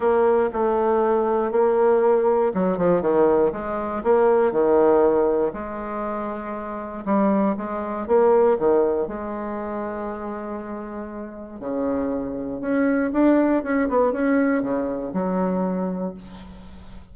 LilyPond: \new Staff \with { instrumentName = "bassoon" } { \time 4/4 \tempo 4 = 119 ais4 a2 ais4~ | ais4 fis8 f8 dis4 gis4 | ais4 dis2 gis4~ | gis2 g4 gis4 |
ais4 dis4 gis2~ | gis2. cis4~ | cis4 cis'4 d'4 cis'8 b8 | cis'4 cis4 fis2 | }